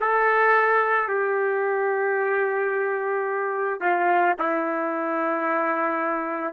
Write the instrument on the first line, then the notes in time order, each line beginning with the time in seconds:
trumpet
0.00 A4
1.08 G4
3.80 F4
4.38 E4